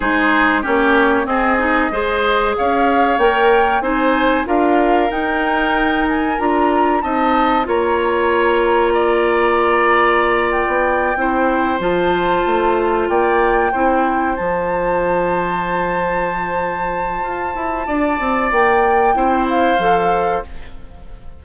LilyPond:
<<
  \new Staff \with { instrumentName = "flute" } { \time 4/4 \tempo 4 = 94 c''4 cis''4 dis''2 | f''4 g''4 gis''4 f''4 | g''4. gis''8 ais''4 a''4 | ais''1~ |
ais''8 g''2 a''4.~ | a''8 g''2 a''4.~ | a''1~ | a''4 g''4. f''4. | }
  \new Staff \with { instrumentName = "oboe" } { \time 4/4 gis'4 g'4 gis'4 c''4 | cis''2 c''4 ais'4~ | ais'2. dis''4 | cis''2 d''2~ |
d''4. c''2~ c''8~ | c''8 d''4 c''2~ c''8~ | c''1 | d''2 c''2 | }
  \new Staff \with { instrumentName = "clarinet" } { \time 4/4 dis'4 cis'4 c'8 dis'8 gis'4~ | gis'4 ais'4 dis'4 f'4 | dis'2 f'4 dis'4 | f'1~ |
f'4. e'4 f'4.~ | f'4. e'4 f'4.~ | f'1~ | f'2 e'4 a'4 | }
  \new Staff \with { instrumentName = "bassoon" } { \time 4/4 gis4 ais4 c'4 gis4 | cis'4 ais4 c'4 d'4 | dis'2 d'4 c'4 | ais1~ |
ais8. b8. c'4 f4 a8~ | a8 ais4 c'4 f4.~ | f2. f'8 e'8 | d'8 c'8 ais4 c'4 f4 | }
>>